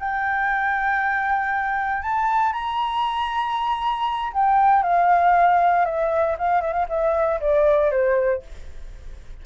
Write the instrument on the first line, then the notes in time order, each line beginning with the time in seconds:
flute
0.00 G5
2.03 A5
2.53 A#5
4.34 G5
4.83 F5
5.86 E5
6.39 F5
6.62 E5
6.73 F5
6.89 E5
7.41 D5
7.91 C5